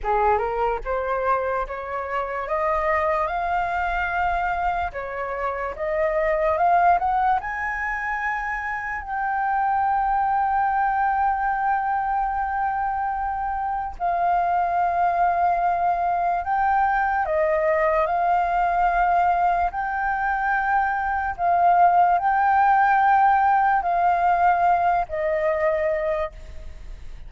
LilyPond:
\new Staff \with { instrumentName = "flute" } { \time 4/4 \tempo 4 = 73 gis'8 ais'8 c''4 cis''4 dis''4 | f''2 cis''4 dis''4 | f''8 fis''8 gis''2 g''4~ | g''1~ |
g''4 f''2. | g''4 dis''4 f''2 | g''2 f''4 g''4~ | g''4 f''4. dis''4. | }